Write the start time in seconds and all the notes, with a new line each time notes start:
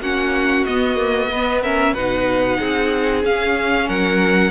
0.00 A#3 C#4 F#4 F#5
0.65 B3 D#5
0.96 A#3
1.31 B3 B4
1.63 C#4 A#4 E5
1.93 B2 D#4 B4 F#5
2.59 C4 G#4
3.24 C#4 F5
3.88 F#3 A#4 F#5